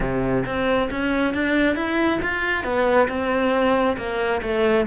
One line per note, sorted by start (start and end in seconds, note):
0.00 0.44 C3
0.45 0.89 C4
0.90 1.34 C#4
1.34 1.75 D4
1.75 2.19 E4
2.22 2.64 F4
2.64 3.08 B3
3.08 3.96 C4
3.97 4.41 A#3
4.42 4.86 A3